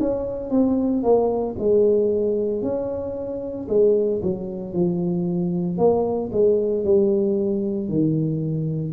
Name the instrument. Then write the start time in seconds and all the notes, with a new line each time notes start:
tuba
0.00 C#4
0.51 C4
1.03 A#3
1.59 G#3
2.62 C#4
3.69 G#3
4.22 F#3
4.74 F3
5.78 A#3
6.33 G#3
6.85 G3
7.89 D#3